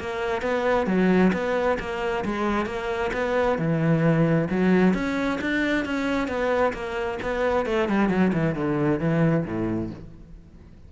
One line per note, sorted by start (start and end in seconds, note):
0.00 0.42 A#3
0.42 0.87 B3
0.87 1.32 F#3
1.33 1.78 B3
1.79 2.25 A#3
2.25 2.66 G#3
2.66 3.11 A#3
3.13 3.58 B3
3.58 4.48 E3
4.50 4.94 F#3
4.94 5.39 C#4
5.41 5.85 D4
5.85 6.28 C#4
6.28 6.73 B3
6.74 7.19 A#3
7.22 7.66 B3
7.66 7.89 A3
7.89 8.09 G3
8.09 8.32 F#3
8.33 8.55 E3
8.55 9.00 D3
9.00 9.45 E3
9.46 9.91 A2